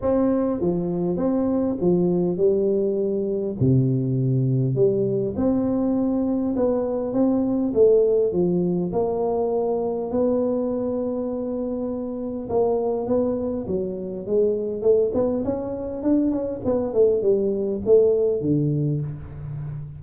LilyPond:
\new Staff \with { instrumentName = "tuba" } { \time 4/4 \tempo 4 = 101 c'4 f4 c'4 f4 | g2 c2 | g4 c'2 b4 | c'4 a4 f4 ais4~ |
ais4 b2.~ | b4 ais4 b4 fis4 | gis4 a8 b8 cis'4 d'8 cis'8 | b8 a8 g4 a4 d4 | }